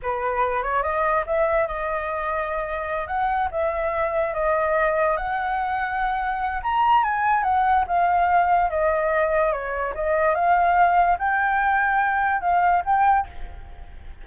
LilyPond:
\new Staff \with { instrumentName = "flute" } { \time 4/4 \tempo 4 = 145 b'4. cis''8 dis''4 e''4 | dis''2.~ dis''8 fis''8~ | fis''8 e''2 dis''4.~ | dis''8 fis''2.~ fis''8 |
ais''4 gis''4 fis''4 f''4~ | f''4 dis''2 cis''4 | dis''4 f''2 g''4~ | g''2 f''4 g''4 | }